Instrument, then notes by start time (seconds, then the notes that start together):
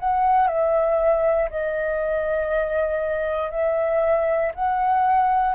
flute
0.00 F#5
0.48 E5
1.50 D#5
3.51 E5
4.55 F#5